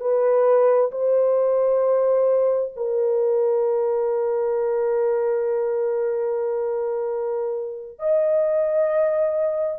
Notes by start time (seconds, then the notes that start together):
0.00 B4
0.91 C5
2.76 A#4
7.99 D#5